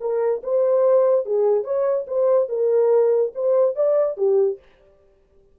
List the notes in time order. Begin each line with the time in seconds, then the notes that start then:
0.00 A#4
0.43 C5
1.25 G#4
1.63 C#5
2.07 C5
2.49 A#4
3.34 C5
3.75 D5
4.17 G4